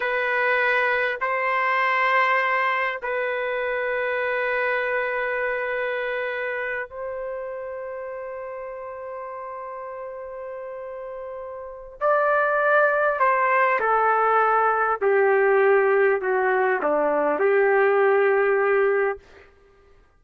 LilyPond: \new Staff \with { instrumentName = "trumpet" } { \time 4/4 \tempo 4 = 100 b'2 c''2~ | c''4 b'2.~ | b'2.~ b'8 c''8~ | c''1~ |
c''1 | d''2 c''4 a'4~ | a'4 g'2 fis'4 | d'4 g'2. | }